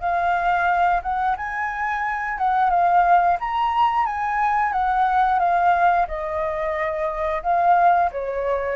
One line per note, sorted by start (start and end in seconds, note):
0.00 1.01 F5
1.02 1.36 F#5
1.37 2.38 G#5
2.38 2.70 F#5
2.70 3.37 F5
3.40 4.06 A#5
4.06 4.72 G#5
4.72 5.39 F#5
5.39 6.06 F5
6.07 7.42 D#5
7.43 8.10 F5
8.11 8.76 C#5